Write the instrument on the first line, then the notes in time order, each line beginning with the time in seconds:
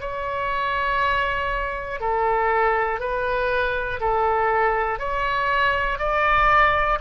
oboe
0.00 C#5
2.00 A4
3.00 B4
4.00 A4
5.00 C#5
5.99 D5